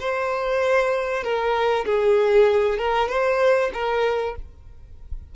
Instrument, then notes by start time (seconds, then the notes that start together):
violin
0.00 C5
1.23 A#4
1.86 G#4
2.78 A#4
3.09 C5
3.74 A#4